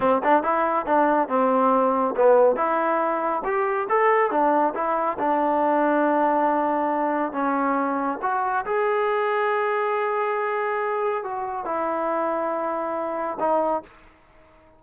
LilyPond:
\new Staff \with { instrumentName = "trombone" } { \time 4/4 \tempo 4 = 139 c'8 d'8 e'4 d'4 c'4~ | c'4 b4 e'2 | g'4 a'4 d'4 e'4 | d'1~ |
d'4 cis'2 fis'4 | gis'1~ | gis'2 fis'4 e'4~ | e'2. dis'4 | }